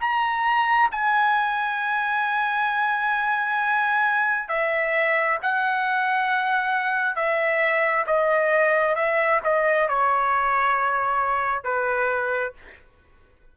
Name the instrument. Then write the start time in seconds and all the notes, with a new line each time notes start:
trumpet
0.00 A#5
0.91 G#5
4.49 E5
5.42 F#5
7.16 E5
8.06 D#5
8.96 E5
9.44 D#5
9.89 C#5
11.63 B4